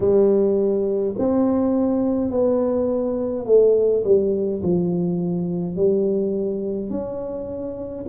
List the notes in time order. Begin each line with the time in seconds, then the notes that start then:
0.00 G3
1.18 C4
2.30 B3
3.45 A3
4.04 G3
4.62 F3
5.75 G3
6.89 C#4